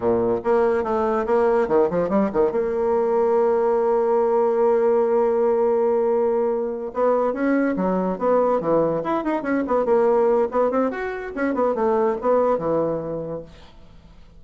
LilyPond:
\new Staff \with { instrumentName = "bassoon" } { \time 4/4 \tempo 4 = 143 ais,4 ais4 a4 ais4 | dis8 f8 g8 dis8 ais2~ | ais1~ | ais1~ |
ais8 b4 cis'4 fis4 b8~ | b8 e4 e'8 dis'8 cis'8 b8 ais8~ | ais4 b8 c'8 fis'4 cis'8 b8 | a4 b4 e2 | }